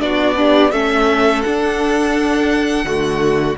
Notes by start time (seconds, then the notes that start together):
0.00 B3 D4 F#4 D5
0.35 D4 G4
0.72 A3 C#4 A4 E5
1.42 D4 F#5
2.85 D3 A3 F#4